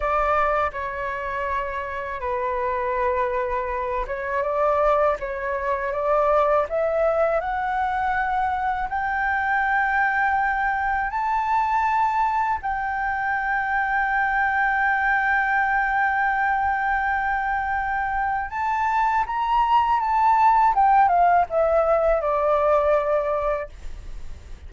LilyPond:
\new Staff \with { instrumentName = "flute" } { \time 4/4 \tempo 4 = 81 d''4 cis''2 b'4~ | b'4. cis''8 d''4 cis''4 | d''4 e''4 fis''2 | g''2. a''4~ |
a''4 g''2.~ | g''1~ | g''4 a''4 ais''4 a''4 | g''8 f''8 e''4 d''2 | }